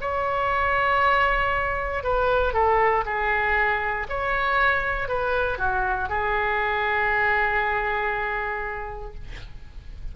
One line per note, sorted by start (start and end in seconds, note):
0.00 2.03 C#5
2.03 2.53 B4
2.53 3.04 A4
3.05 4.07 G#4
4.09 5.08 C#5
5.08 5.58 B4
5.58 6.09 F#4
6.09 9.14 G#4